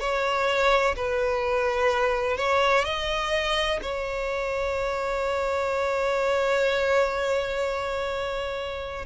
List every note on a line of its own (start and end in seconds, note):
0.00 0.95 C#5
0.96 2.37 B4
2.37 2.84 C#5
2.84 3.80 D#5
3.82 9.06 C#5